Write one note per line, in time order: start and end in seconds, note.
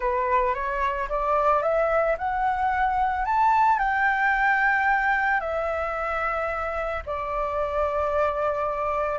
0.00 0.54 B4
0.54 1.08 C#5
1.09 1.62 D5
1.62 2.16 E5
2.18 3.25 F#5
3.25 3.78 A5
3.78 5.40 G5
5.40 7.02 E5
7.06 9.19 D5